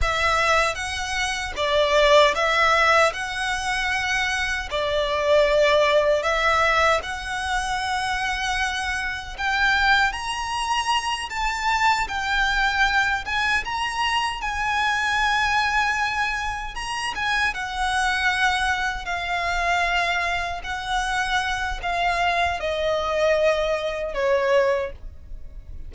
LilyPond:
\new Staff \with { instrumentName = "violin" } { \time 4/4 \tempo 4 = 77 e''4 fis''4 d''4 e''4 | fis''2 d''2 | e''4 fis''2. | g''4 ais''4. a''4 g''8~ |
g''4 gis''8 ais''4 gis''4.~ | gis''4. ais''8 gis''8 fis''4.~ | fis''8 f''2 fis''4. | f''4 dis''2 cis''4 | }